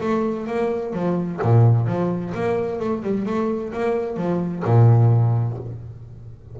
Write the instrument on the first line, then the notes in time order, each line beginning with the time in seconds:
double bass
0.00 A3
0.46 A#3
0.93 F3
1.41 A#2
1.86 F3
2.34 A#3
2.79 A3
3.02 G3
3.26 A3
3.72 A#3
4.16 F3
4.64 A#2